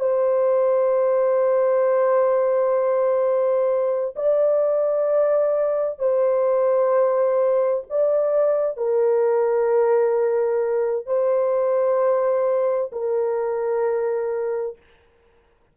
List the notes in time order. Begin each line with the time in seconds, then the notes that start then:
0.00 C5
4.16 D5
5.99 C5
7.90 D5
8.77 A#4
11.06 C5
12.92 A#4